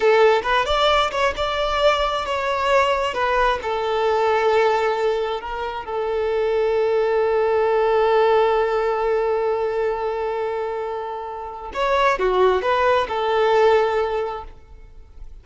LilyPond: \new Staff \with { instrumentName = "violin" } { \time 4/4 \tempo 4 = 133 a'4 b'8 d''4 cis''8 d''4~ | d''4 cis''2 b'4 | a'1 | ais'4 a'2.~ |
a'1~ | a'1~ | a'2 cis''4 fis'4 | b'4 a'2. | }